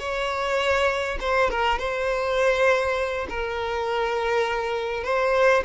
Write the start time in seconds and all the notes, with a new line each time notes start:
0.00 C#5
1.21 C5
1.51 A#4
1.79 C5
3.29 A#4
5.04 C5